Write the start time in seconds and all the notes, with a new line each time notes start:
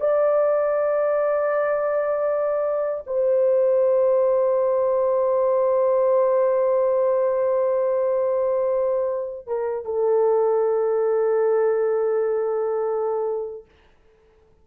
0.00 D5
3.06 C5
9.47 A#4
9.85 A4